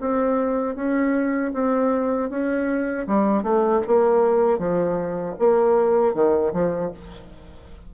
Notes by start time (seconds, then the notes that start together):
0.00 C4
0.75 C#4
1.53 C4
2.30 C#4
3.07 G3
3.43 A3
3.87 A#3
4.58 F3
5.39 A#3
6.14 D#3
6.53 F3